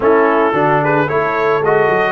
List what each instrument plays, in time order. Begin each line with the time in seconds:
0.00 tuba A3, trombone C#4, horn E4, trumpet A4
0.53 tuba D3, trombone D4, horn F#4
0.83 horn G#4, trumpet B4
1.07 tuba A3, trombone E4, horn A4, trumpet C#5
1.60 tuba G#3, trombone F#4, trumpet D#5
1.89 tuba F#3